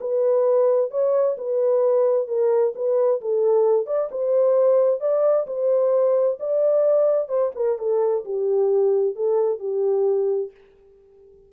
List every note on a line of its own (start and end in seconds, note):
0.00 0.91 B4
0.91 1.36 C#5
1.37 2.27 B4
2.27 2.73 A#4
2.75 3.21 B4
3.21 3.86 A4
3.86 4.09 D5
4.11 5.00 C5
5.00 5.46 D5
5.47 6.38 C5
6.40 7.28 D5
7.28 7.51 C5
7.55 7.78 A#4
7.78 8.24 A4
8.25 9.15 G4
9.15 9.59 A4
9.59 10.51 G4